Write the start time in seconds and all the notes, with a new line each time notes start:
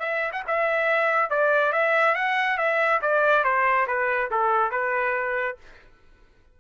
0.00 E5
0.33 F#5
0.48 E5
1.31 D5
1.73 E5
2.15 F#5
2.58 E5
3.02 D5
3.44 C5
3.88 B4
4.31 A4
4.72 B4